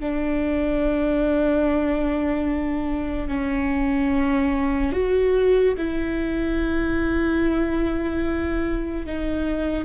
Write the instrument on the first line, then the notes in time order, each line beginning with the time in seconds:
viola
0.00 D4
3.28 C#4
4.92 F#4
5.78 E4
9.06 D#4